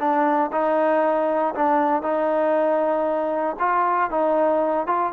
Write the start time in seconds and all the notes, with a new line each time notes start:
0.00 D4
0.52 D#4
1.55 D4
2.03 D#4
3.60 F4
4.10 D#4
4.87 F4